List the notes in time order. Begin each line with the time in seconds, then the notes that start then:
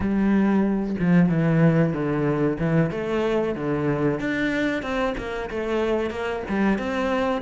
0.00 G3
0.99 F3
1.29 E3
1.93 D3
2.59 E3
2.90 A3
3.55 D3
4.19 D4
4.82 C4
5.17 A#3
5.50 A3
6.10 A#3
6.48 G3
6.78 C4